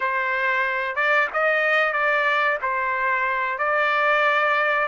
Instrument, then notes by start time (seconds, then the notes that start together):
trumpet
0.00 C5
0.95 D5
1.33 D#5
1.92 D5
2.61 C5
3.58 D5